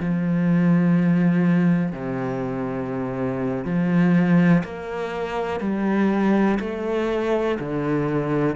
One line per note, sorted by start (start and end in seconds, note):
0.00 1.93 F3
1.93 3.65 C3
3.65 4.63 F3
4.64 5.60 A#3
5.60 6.59 G3
6.59 7.58 A3
7.59 8.56 D3